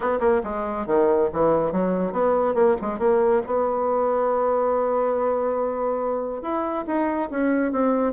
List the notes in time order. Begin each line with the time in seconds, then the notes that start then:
0.00 B3
0.20 A#3
0.43 G#3
0.86 D#3
1.32 E3
1.71 F#3
2.12 B3
2.54 A#3
2.81 G#3
2.99 A#3
3.46 B3
6.42 E4
6.86 D#4
7.30 C#4
7.72 C4